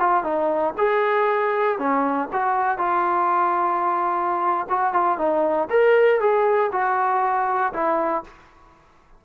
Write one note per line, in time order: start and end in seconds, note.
0.00 0.24 F4
0.24 0.74 D#4
0.78 1.79 G#4
1.79 2.29 C#4
2.33 2.78 F#4
2.78 4.67 F4
4.70 4.93 F#4
4.93 5.18 F4
5.18 5.69 D#4
5.70 6.21 A#4
6.21 6.71 G#4
6.72 7.73 F#4
7.73 8.24 E4